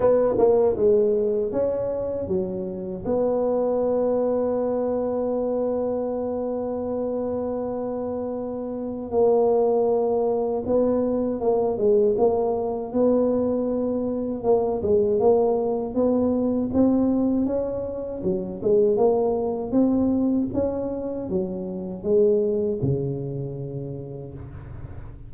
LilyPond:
\new Staff \with { instrumentName = "tuba" } { \time 4/4 \tempo 4 = 79 b8 ais8 gis4 cis'4 fis4 | b1~ | b1 | ais2 b4 ais8 gis8 |
ais4 b2 ais8 gis8 | ais4 b4 c'4 cis'4 | fis8 gis8 ais4 c'4 cis'4 | fis4 gis4 cis2 | }